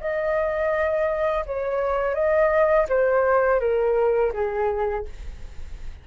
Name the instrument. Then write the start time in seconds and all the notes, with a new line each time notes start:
flute
0.00 D#5
1.46 C#5
2.14 D#5
2.88 C5
3.60 A#4
4.33 G#4